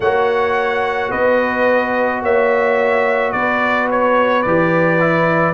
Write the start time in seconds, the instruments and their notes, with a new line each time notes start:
0.00 tuba A#3, trombone F#4, horn C#5, trumpet F#5
1.10 tuba B3, horn B4, trumpet D#5
2.22 tuba A#3, horn C#5, trumpet E5
3.32 tuba B3, horn B4, trumpet D5
3.91 trumpet C#5
4.42 tuba E3, trombone G4, trumpet D5
5.00 trombone E4